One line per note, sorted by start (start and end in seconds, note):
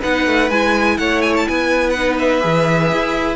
0.00 0.26 B3
0.00 0.49 D#4
0.00 0.96 B4
0.00 0.50 F#5
0.26 0.50 A3
0.50 0.98 G#3
0.50 1.96 E4
0.50 0.97 G#5
0.97 1.46 A3
0.97 1.47 C#5
0.97 1.21 F#5
1.21 1.33 G#5
1.37 1.48 A5
1.47 2.44 B3
1.47 3.36 B4
1.47 1.90 G#5
1.90 2.14 F#5
1.96 2.40 D#4
2.19 3.36 E5
2.40 2.92 E3
2.40 3.36 G#4
2.92 3.36 E4